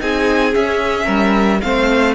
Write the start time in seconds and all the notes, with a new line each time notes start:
0.00 C4 D#4 G#4 G#5
0.53 C#4 E5
1.05 G3 A#4
1.61 A3 C4 C5 F5